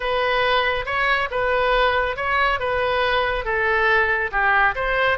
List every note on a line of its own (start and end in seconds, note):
0.00 0.85 B4
0.85 1.28 C#5
1.30 2.16 B4
2.16 2.59 C#5
2.59 3.44 B4
3.44 4.30 A4
4.31 4.74 G4
4.75 5.18 C5